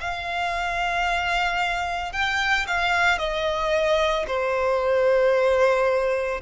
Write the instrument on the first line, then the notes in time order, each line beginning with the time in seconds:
violin
0.00 F5
2.12 G5
2.66 F5
3.18 D#5
4.27 C5